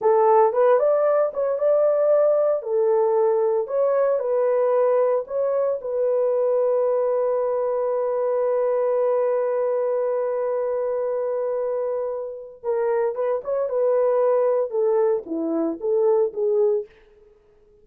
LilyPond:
\new Staff \with { instrumentName = "horn" } { \time 4/4 \tempo 4 = 114 a'4 b'8 d''4 cis''8 d''4~ | d''4 a'2 cis''4 | b'2 cis''4 b'4~ | b'1~ |
b'1~ | b'1 | ais'4 b'8 cis''8 b'2 | a'4 e'4 a'4 gis'4 | }